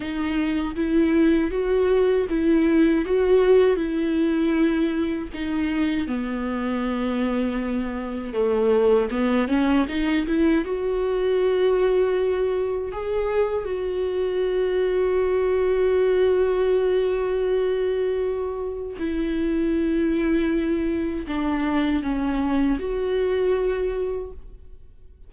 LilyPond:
\new Staff \with { instrumentName = "viola" } { \time 4/4 \tempo 4 = 79 dis'4 e'4 fis'4 e'4 | fis'4 e'2 dis'4 | b2. a4 | b8 cis'8 dis'8 e'8 fis'2~ |
fis'4 gis'4 fis'2~ | fis'1~ | fis'4 e'2. | d'4 cis'4 fis'2 | }